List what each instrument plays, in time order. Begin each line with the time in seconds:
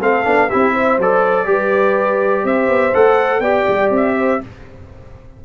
0.00 tuba A3, trombone C4, horn A4, trumpet F5
0.24 tuba B3, trombone D4
0.49 tuba C4, trombone E4, horn G4, trumpet E5
0.73 horn C5
0.98 tuba F#3, trombone A4, trumpet D5
1.45 tuba G3, trombone G4, horn B4
2.44 tuba C4, horn C5, trumpet E5
2.68 tuba B3
2.94 tuba A3, trombone A4, trumpet F#5
3.40 tuba B3, trombone G4, horn D5, trumpet G5
3.68 tuba G3
3.90 tuba C4, trumpet E5
4.17 horn C5